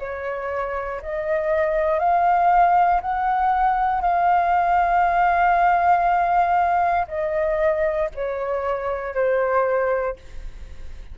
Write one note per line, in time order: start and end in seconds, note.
0.00 1.02 C#5
1.02 2.00 D#5
2.00 3.01 F5
3.01 4.02 F#5
4.02 7.07 F5
7.08 8.09 D#5
8.15 9.15 C#5
9.15 10.16 C5